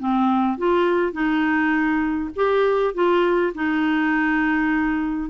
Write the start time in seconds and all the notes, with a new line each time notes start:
0.00 C4
0.58 F4
1.13 D#4
2.36 G4
2.95 F4
3.55 D#4